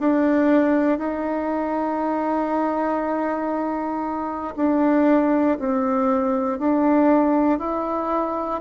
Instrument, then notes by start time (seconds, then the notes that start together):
bassoon
0.00 D4
0.99 D#4
4.57 D4
5.60 C4
6.60 D4
7.59 E4